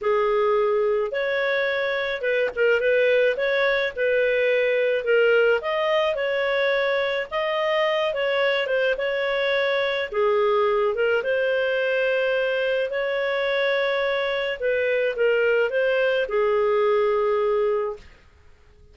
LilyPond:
\new Staff \with { instrumentName = "clarinet" } { \time 4/4 \tempo 4 = 107 gis'2 cis''2 | b'8 ais'8 b'4 cis''4 b'4~ | b'4 ais'4 dis''4 cis''4~ | cis''4 dis''4. cis''4 c''8 |
cis''2 gis'4. ais'8 | c''2. cis''4~ | cis''2 b'4 ais'4 | c''4 gis'2. | }